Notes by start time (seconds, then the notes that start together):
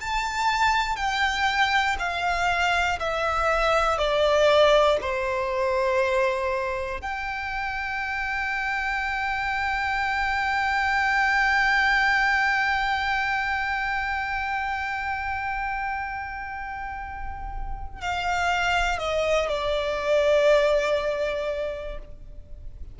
0.00 A5
0.96 G5
1.99 F5
3.00 E5
3.98 D5
5.01 C5
7.01 G5
18.01 F5
18.99 D#5
19.49 D5